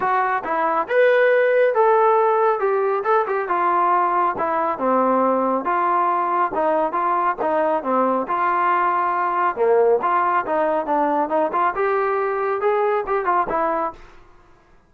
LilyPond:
\new Staff \with { instrumentName = "trombone" } { \time 4/4 \tempo 4 = 138 fis'4 e'4 b'2 | a'2 g'4 a'8 g'8 | f'2 e'4 c'4~ | c'4 f'2 dis'4 |
f'4 dis'4 c'4 f'4~ | f'2 ais4 f'4 | dis'4 d'4 dis'8 f'8 g'4~ | g'4 gis'4 g'8 f'8 e'4 | }